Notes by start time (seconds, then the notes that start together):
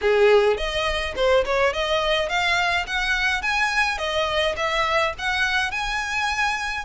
0.01 G#4
0.57 D#5
1.15 C5
1.45 C#5
1.73 D#5
2.28 F5
2.86 F#5
3.42 G#5
3.98 D#5
4.56 E5
5.18 F#5
5.71 G#5